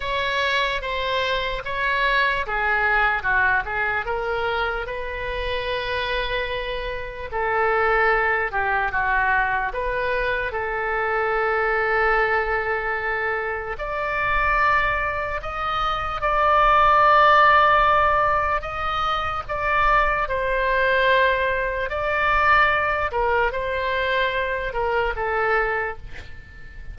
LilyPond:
\new Staff \with { instrumentName = "oboe" } { \time 4/4 \tempo 4 = 74 cis''4 c''4 cis''4 gis'4 | fis'8 gis'8 ais'4 b'2~ | b'4 a'4. g'8 fis'4 | b'4 a'2.~ |
a'4 d''2 dis''4 | d''2. dis''4 | d''4 c''2 d''4~ | d''8 ais'8 c''4. ais'8 a'4 | }